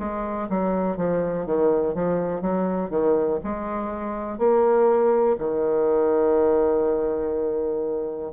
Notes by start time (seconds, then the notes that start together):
0.00 G#3
0.50 F#3
0.97 F3
1.46 D#3
1.95 F3
2.41 F#3
2.91 D#3
3.44 G#3
4.39 A#3
5.39 D#3